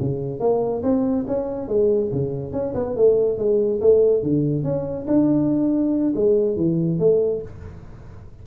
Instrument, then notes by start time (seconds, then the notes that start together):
tuba
0.00 C#3
0.40 A#3
0.83 C4
1.27 C#4
1.68 G#3
2.12 C#3
2.53 C#4
2.75 B3
2.96 A3
3.38 G#3
3.81 A3
4.23 D3
4.64 C#4
5.07 D4
6.15 G#3
6.56 E3
6.99 A3